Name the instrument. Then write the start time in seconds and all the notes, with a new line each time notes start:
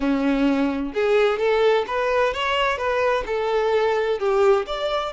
violin
0.00 C#4
0.94 G#4
1.38 A4
1.87 B4
2.33 C#5
2.77 B4
3.26 A4
4.19 G4
4.66 D5